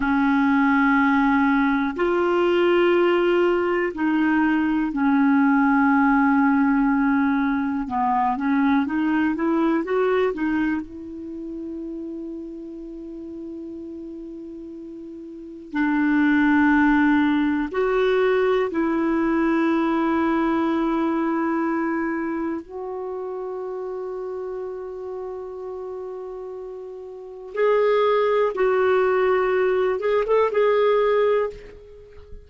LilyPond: \new Staff \with { instrumentName = "clarinet" } { \time 4/4 \tempo 4 = 61 cis'2 f'2 | dis'4 cis'2. | b8 cis'8 dis'8 e'8 fis'8 dis'8 e'4~ | e'1 |
d'2 fis'4 e'4~ | e'2. fis'4~ | fis'1 | gis'4 fis'4. gis'16 a'16 gis'4 | }